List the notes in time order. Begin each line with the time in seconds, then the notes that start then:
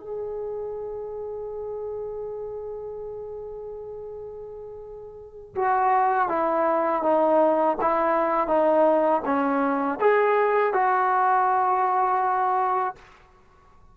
0.00 G#4
5.56 F#4
6.29 E4
7.03 D#4
7.81 E4
8.48 D#4
9.26 C#4
10.01 G#4
10.74 F#4